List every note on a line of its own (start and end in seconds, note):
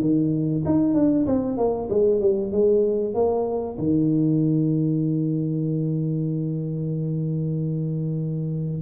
0.00 0.63 D#3
0.65 0.94 D#4
0.94 1.25 D4
1.26 1.57 C4
1.57 1.89 A#3
1.89 2.20 G#3
2.20 2.51 G3
2.51 3.14 G#3
3.14 3.77 A#3
3.78 8.82 D#3